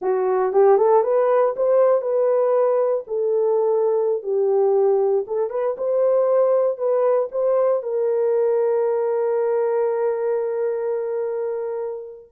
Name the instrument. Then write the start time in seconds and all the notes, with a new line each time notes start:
horn
0.01 F#4
0.52 G4
0.77 A4
1.03 B4
1.56 C5
2.01 B4
3.07 A4
4.22 G4
5.27 A4
5.50 B4
5.77 C5
6.77 B4
7.31 C5
7.83 A#4